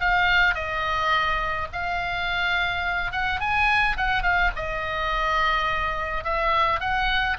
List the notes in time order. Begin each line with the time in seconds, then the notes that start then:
0.00 F5
0.54 D#5
1.72 F5
3.12 F#5
3.40 G#5
3.97 F#5
4.22 F5
4.55 D#5
6.24 E5
6.80 F#5